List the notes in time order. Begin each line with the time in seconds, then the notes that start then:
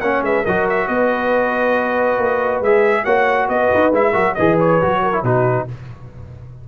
0.00 A#3 C#4 C#5 F#5
0.21 G#3 B4 E5
0.43 F#3 F#4 A#4 D#5
0.69 E5
0.87 B3 B4 D#5
2.18 A#3
2.60 G#3 G#4 E5
3.03 A#3 F#4 C#5 F#5
3.48 B3 B4 D#5
3.74 D#4
3.92 G#3 E4 E5
4.11 F#3 F#4 A#4
4.34 E3 G#4 B4 D#5
4.60 C#5
4.81 F#3 F#4
5.02 A#4
5.13 E4
5.23 B2 D#4 F#4 B4